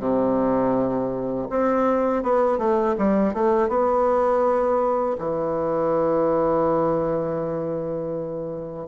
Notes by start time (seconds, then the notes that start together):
0.00 C3
1.51 C4
2.23 B3
2.59 A3
2.99 G3
3.34 A3
3.69 B3
5.19 E3